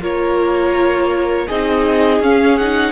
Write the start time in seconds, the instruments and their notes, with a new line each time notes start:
0.00 cello A#3, viola F4, violin A#4 C#5
1.48 cello C4, viola D#4, violin G#4 D#5
2.20 cello C#4, viola C#4, violin F5
2.58 viola D#4, violin F#5